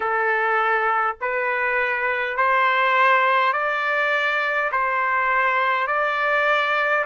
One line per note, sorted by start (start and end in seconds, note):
0.00 1.16 A4
1.20 2.36 B4
2.36 3.52 C5
3.52 4.70 D5
4.71 5.87 C5
5.87 7.04 D5